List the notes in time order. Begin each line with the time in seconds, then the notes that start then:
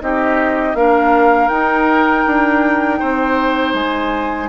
0.00 C4 D#4 G4 D#5
0.74 A#3 D4 A#4 F5
1.49 D#4 G5
2.26 D4
3.00 C4 C5
3.74 G#3 G#5